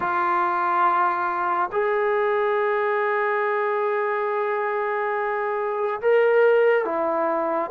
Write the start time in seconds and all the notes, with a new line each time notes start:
0.00 F4
1.72 G#4
6.01 A#4
6.85 E4